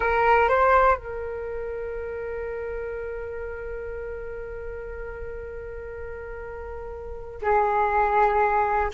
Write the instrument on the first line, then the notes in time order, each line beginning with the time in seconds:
flute
0.00 A#4
0.48 C5
0.96 A#4
7.42 G#4